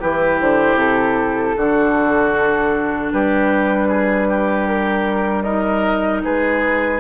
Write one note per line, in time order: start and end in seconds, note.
0.00 0.41 E3
0.00 1.57 E4
0.00 1.56 G4
0.00 0.40 B4
0.41 0.75 D3
0.41 0.79 C5
0.75 1.53 C3
0.75 3.12 A4
1.57 3.13 D3
1.57 5.46 D4
1.57 3.13 F#4
3.12 6.25 G3
3.12 3.88 G4
3.12 4.68 B4
3.88 4.27 G#4
4.30 5.44 G4
4.68 5.43 A#4
5.43 7.01 D#4
5.43 6.22 A#4
5.43 6.21 D#5
6.24 7.01 G#3
6.24 7.01 G#4
6.24 7.01 B4